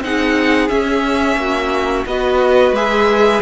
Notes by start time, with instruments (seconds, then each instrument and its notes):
0.00 cello C4, viola D#4, violin G#4 F#5
0.68 viola C#4, cello C#4, violin E5
1.36 cello A#3, violin F#4
2.05 cello B3, viola F#4, violin B4 D#5
2.71 cello G#3, viola G#4, violin E5